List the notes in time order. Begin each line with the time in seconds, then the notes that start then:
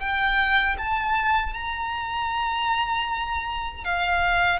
0.00 G5
0.78 A5
1.54 A#5
3.85 F5